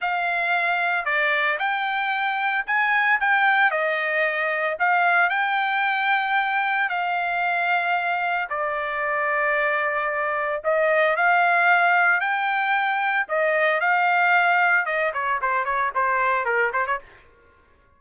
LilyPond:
\new Staff \with { instrumentName = "trumpet" } { \time 4/4 \tempo 4 = 113 f''2 d''4 g''4~ | g''4 gis''4 g''4 dis''4~ | dis''4 f''4 g''2~ | g''4 f''2. |
d''1 | dis''4 f''2 g''4~ | g''4 dis''4 f''2 | dis''8 cis''8 c''8 cis''8 c''4 ais'8 c''16 cis''16 | }